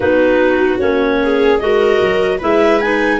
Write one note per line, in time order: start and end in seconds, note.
0.00 0.80 B3
0.00 0.79 D#4
0.00 1.16 F#4
0.00 0.78 B4
0.78 1.60 A#3
0.78 1.59 C#4
0.78 1.58 C#5
1.23 1.63 G#4
1.59 2.01 G#3
1.59 2.40 F#4
1.59 2.38 A#4
1.59 2.39 D#5
2.01 2.41 F#3
2.38 3.20 G#3
2.38 2.80 E4
2.38 3.18 B4
2.38 2.81 E5
2.81 3.20 D#4
2.81 3.20 G#5